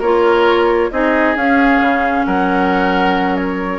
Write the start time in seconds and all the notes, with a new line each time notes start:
0.00 A#3 F4 A#4 C#5
0.92 C4 D#4 G#4 D#5
1.36 C#4 F5
1.81 C#3
2.26 F#3 A#4 F#5
3.36 C#5